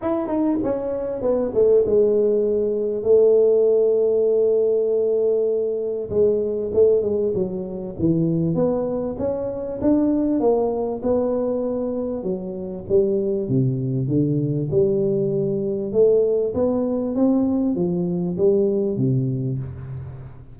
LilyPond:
\new Staff \with { instrumentName = "tuba" } { \time 4/4 \tempo 4 = 98 e'8 dis'8 cis'4 b8 a8 gis4~ | gis4 a2.~ | a2 gis4 a8 gis8 | fis4 e4 b4 cis'4 |
d'4 ais4 b2 | fis4 g4 c4 d4 | g2 a4 b4 | c'4 f4 g4 c4 | }